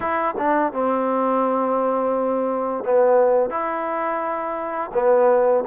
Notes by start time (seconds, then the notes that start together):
0.00 E4
0.38 D4
0.73 C4
2.84 B3
3.50 E4
4.93 B3